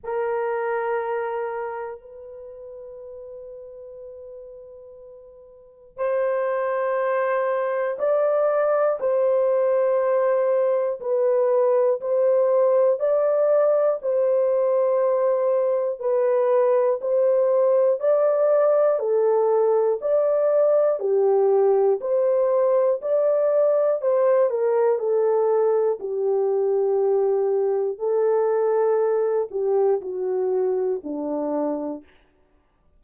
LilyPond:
\new Staff \with { instrumentName = "horn" } { \time 4/4 \tempo 4 = 60 ais'2 b'2~ | b'2 c''2 | d''4 c''2 b'4 | c''4 d''4 c''2 |
b'4 c''4 d''4 a'4 | d''4 g'4 c''4 d''4 | c''8 ais'8 a'4 g'2 | a'4. g'8 fis'4 d'4 | }